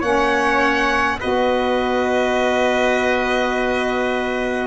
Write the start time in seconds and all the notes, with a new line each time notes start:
0.00 A#3 C#4 C#5 F#5
1.20 B3 F#4 B4 D#5